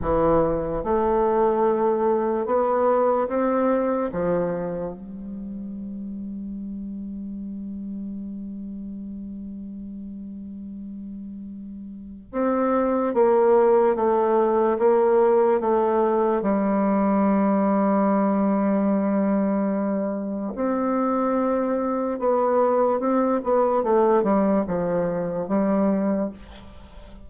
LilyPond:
\new Staff \with { instrumentName = "bassoon" } { \time 4/4 \tempo 4 = 73 e4 a2 b4 | c'4 f4 g2~ | g1~ | g2. c'4 |
ais4 a4 ais4 a4 | g1~ | g4 c'2 b4 | c'8 b8 a8 g8 f4 g4 | }